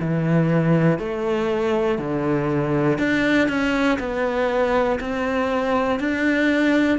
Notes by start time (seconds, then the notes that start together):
0.00 E3
0.99 A3
1.99 D3
2.99 D4
3.49 C#4
4.00 B3
5.00 C4
6.00 D4